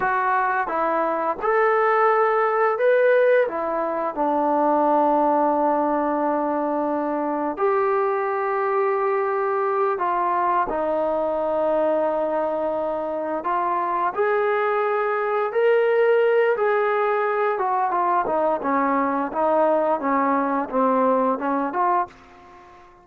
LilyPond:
\new Staff \with { instrumentName = "trombone" } { \time 4/4 \tempo 4 = 87 fis'4 e'4 a'2 | b'4 e'4 d'2~ | d'2. g'4~ | g'2~ g'8 f'4 dis'8~ |
dis'2.~ dis'8 f'8~ | f'8 gis'2 ais'4. | gis'4. fis'8 f'8 dis'8 cis'4 | dis'4 cis'4 c'4 cis'8 f'8 | }